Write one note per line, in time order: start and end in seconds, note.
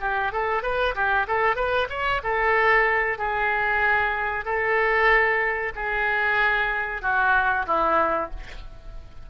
0.00 0.32 G4
0.32 0.62 A4
0.62 0.94 B4
0.95 1.26 G4
1.27 1.56 A4
1.56 1.88 B4
1.89 2.21 C#5
2.23 3.18 A4
3.18 4.45 G#4
4.45 5.72 A4
5.75 7.02 G#4
7.02 7.66 F#4
7.66 8.30 E4